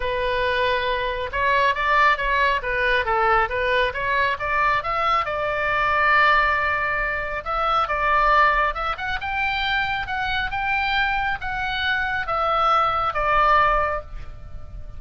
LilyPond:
\new Staff \with { instrumentName = "oboe" } { \time 4/4 \tempo 4 = 137 b'2. cis''4 | d''4 cis''4 b'4 a'4 | b'4 cis''4 d''4 e''4 | d''1~ |
d''4 e''4 d''2 | e''8 fis''8 g''2 fis''4 | g''2 fis''2 | e''2 d''2 | }